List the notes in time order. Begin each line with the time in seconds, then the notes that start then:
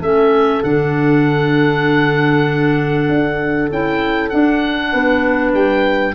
0.00 A3 C#4 A4 E5
0.63 D3 D4 F#5
3.08 D4
3.70 C#4 E4 G5
4.29 D4 F#5
4.92 B3 B4
5.53 G3 G5